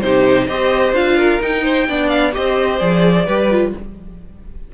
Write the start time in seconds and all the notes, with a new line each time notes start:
0.00 C3 D#4 G4 C5
0.47 C4 G4 C5 D#5
0.92 D4 F4 F5
1.17 A#4
1.41 D#4 G5
1.64 C5
1.88 B3 D4 D5
2.08 F5
2.32 C4 G4 C5 D#5
2.78 F3 G#4 D5
3.25 G3 G4 B4
3.50 F4